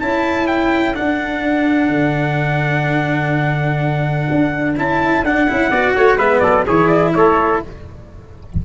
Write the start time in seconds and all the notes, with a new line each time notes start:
0.00 C#4 E4 A4 A5
0.48 G5
0.94 D4 F#5
1.89 D3
4.31 D4
4.77 C#4 E4 A5
5.24 D4 F#5
5.48 C#4 E4
5.71 B3 F#4 D5
5.96 A3 C#5
6.17 G#3 B3 B4 E5
6.40 F#3 A4 D5
6.67 E3 E4 G#4 C#5
6.88 D5
7.15 A3 A4 C#5